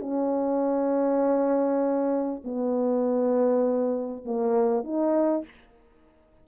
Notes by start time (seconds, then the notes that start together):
0.00 C#4
2.45 B3
4.25 A#3
4.84 D#4